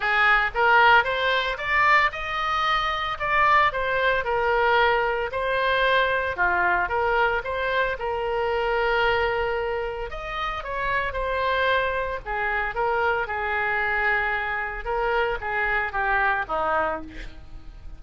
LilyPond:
\new Staff \with { instrumentName = "oboe" } { \time 4/4 \tempo 4 = 113 gis'4 ais'4 c''4 d''4 | dis''2 d''4 c''4 | ais'2 c''2 | f'4 ais'4 c''4 ais'4~ |
ais'2. dis''4 | cis''4 c''2 gis'4 | ais'4 gis'2. | ais'4 gis'4 g'4 dis'4 | }